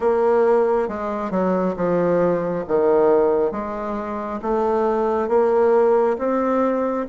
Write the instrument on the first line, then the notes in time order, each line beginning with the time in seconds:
bassoon
0.00 A#3
0.88 G#3
1.30 F#3
1.76 F3
2.67 D#3
3.51 G#3
4.42 A3
5.28 A#3
6.18 C4